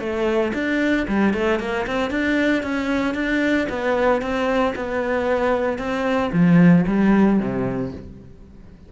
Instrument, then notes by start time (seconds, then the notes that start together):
cello
0.00 A3
0.54 D4
1.08 G3
1.34 A3
1.60 A#3
1.87 C4
2.11 D4
2.63 C#4
3.15 D4
3.70 B3
4.22 C4
4.76 B3
5.78 C4
6.33 F3
6.88 G3
7.40 C3